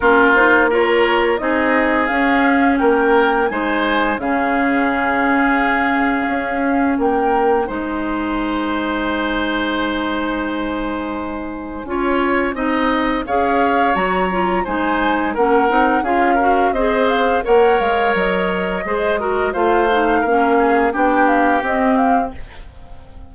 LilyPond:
<<
  \new Staff \with { instrumentName = "flute" } { \time 4/4 \tempo 4 = 86 ais'8 c''8 cis''4 dis''4 f''4 | g''4 gis''4 f''2~ | f''2 g''4 gis''4~ | gis''1~ |
gis''2. f''4 | ais''4 gis''4 fis''4 f''4 | dis''8 f''8 fis''8 f''8 dis''2 | f''2 g''8 f''8 dis''8 f''8 | }
  \new Staff \with { instrumentName = "oboe" } { \time 4/4 f'4 ais'4 gis'2 | ais'4 c''4 gis'2~ | gis'2 ais'4 c''4~ | c''1~ |
c''4 cis''4 dis''4 cis''4~ | cis''4 c''4 ais'4 gis'8 ais'8 | c''4 cis''2 c''8 ais'8 | c''4 ais'8 gis'8 g'2 | }
  \new Staff \with { instrumentName = "clarinet" } { \time 4/4 cis'8 dis'8 f'4 dis'4 cis'4~ | cis'4 dis'4 cis'2~ | cis'2. dis'4~ | dis'1~ |
dis'4 f'4 dis'4 gis'4 | fis'8 f'8 dis'4 cis'8 dis'8 f'8 fis'8 | gis'4 ais'2 gis'8 fis'8 | f'8 dis'8 cis'4 d'4 c'4 | }
  \new Staff \with { instrumentName = "bassoon" } { \time 4/4 ais2 c'4 cis'4 | ais4 gis4 cis2~ | cis4 cis'4 ais4 gis4~ | gis1~ |
gis4 cis'4 c'4 cis'4 | fis4 gis4 ais8 c'8 cis'4 | c'4 ais8 gis8 fis4 gis4 | a4 ais4 b4 c'4 | }
>>